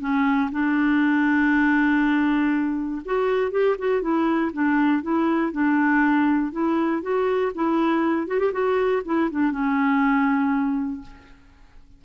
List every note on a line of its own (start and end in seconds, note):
0.00 0.50 C#4
0.52 3.02 D4
3.05 3.51 F#4
3.51 3.76 G4
3.78 4.02 F#4
4.02 4.52 E4
4.52 5.02 D4
5.02 5.52 E4
5.52 6.52 D4
6.52 7.02 E4
7.02 7.52 F#4
7.55 8.27 E4
8.27 8.39 F#4
8.39 8.52 G4
8.52 9.02 F#4
9.05 9.30 E4
9.31 9.52 D4
9.52 11.02 C#4